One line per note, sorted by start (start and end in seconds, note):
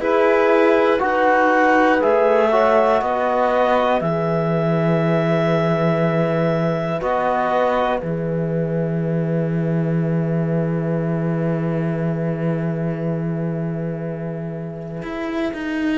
0.00 1.00 E4
0.00 0.99 E4
0.00 1.00 G#4
0.00 1.01 B4
0.99 2.01 D#4
0.99 1.99 F#4
0.99 2.50 B4
0.99 2.02 F#5
2.00 3.01 A3
2.00 2.50 G#4
2.00 3.02 E5
2.50 4.01 F#4
2.50 3.00 C#5
3.01 4.01 B3
3.01 15.98 B4
3.01 4.01 D#5
4.01 7.01 E3
4.01 7.00 G#4
4.01 7.01 E5
7.00 8.01 B3
7.00 8.00 F#4
7.00 7.98 D#5
7.98 15.02 E3
7.98 15.98 G#4
7.98 15.98 E5
15.02 15.52 E4
15.53 15.98 D#4